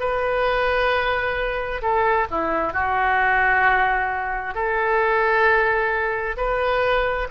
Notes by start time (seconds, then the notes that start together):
0.00 B4
1.82 A4
2.31 E4
2.73 F#4
4.55 A4
6.37 B4